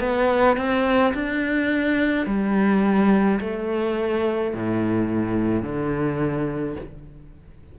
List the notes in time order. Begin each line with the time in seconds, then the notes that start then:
0.00 B3
0.57 C4
1.14 D4
2.26 G3
3.41 A3
4.54 A2
5.62 D3